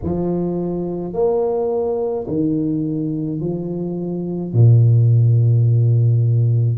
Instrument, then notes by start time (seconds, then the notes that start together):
tuba
0.03 F3
1.13 A#3
2.27 D#3
3.40 F3
4.53 A#2